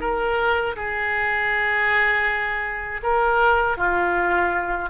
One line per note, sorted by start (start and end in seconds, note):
0.00 0.75 A#4
0.76 3.01 G#4
3.03 3.77 A#4
3.77 4.89 F4